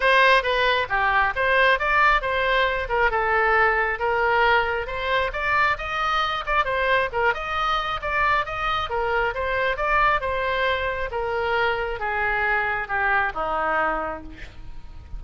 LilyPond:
\new Staff \with { instrumentName = "oboe" } { \time 4/4 \tempo 4 = 135 c''4 b'4 g'4 c''4 | d''4 c''4. ais'8 a'4~ | a'4 ais'2 c''4 | d''4 dis''4. d''8 c''4 |
ais'8 dis''4. d''4 dis''4 | ais'4 c''4 d''4 c''4~ | c''4 ais'2 gis'4~ | gis'4 g'4 dis'2 | }